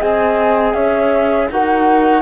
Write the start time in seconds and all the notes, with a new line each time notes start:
0.00 C4 G#4 D#5 G#5
0.74 C#4 C#5 E5
1.51 D#4 F#4 A#4 F#5